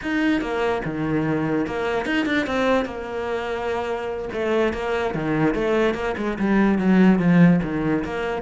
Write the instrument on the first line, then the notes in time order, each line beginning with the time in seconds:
cello
0.02 D#4
0.41 A#3
0.84 D#3
1.66 A#3
2.05 D#4
2.25 D4
2.46 C4
2.85 A#3
4.33 A3
4.73 A#3
5.14 D#3
5.54 A3
5.94 A#3
6.17 G#3
6.38 G3
6.78 F#3
7.18 F3
7.63 D#3
8.04 A#3